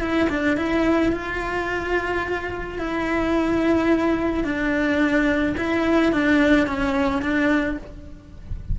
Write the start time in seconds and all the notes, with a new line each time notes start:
0.00 E4
0.29 D4
0.56 E4
1.12 F4
2.78 E4
4.44 D4
5.57 E4
6.12 D4
6.66 C#4
7.22 D4